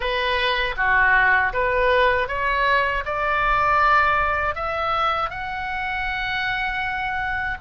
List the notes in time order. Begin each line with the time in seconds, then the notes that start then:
0.00 B4
0.76 F#4
1.53 B4
2.28 C#5
3.05 D5
4.55 E5
5.30 F#5